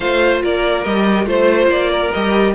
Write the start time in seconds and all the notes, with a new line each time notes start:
0.00 A3 F4 C5 F5
0.42 A#3 A#4 D5
0.84 G3 G4 D#5
1.25 A3 F4 C5
1.67 A#3 D5
1.90 A#4
2.11 G3 G4 D#5